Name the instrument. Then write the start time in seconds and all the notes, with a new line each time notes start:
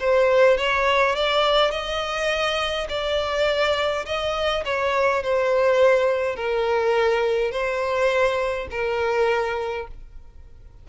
violin
0.00 C5
0.58 C#5
1.16 D5
1.72 D#5
2.89 D5
4.06 D#5
4.65 C#5
5.23 C5
6.36 A#4
7.52 C5
8.71 A#4